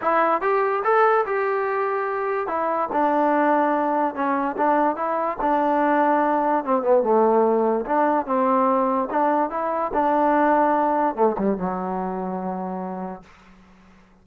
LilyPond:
\new Staff \with { instrumentName = "trombone" } { \time 4/4 \tempo 4 = 145 e'4 g'4 a'4 g'4~ | g'2 e'4 d'4~ | d'2 cis'4 d'4 | e'4 d'2. |
c'8 b8 a2 d'4 | c'2 d'4 e'4 | d'2. a8 g8 | fis1 | }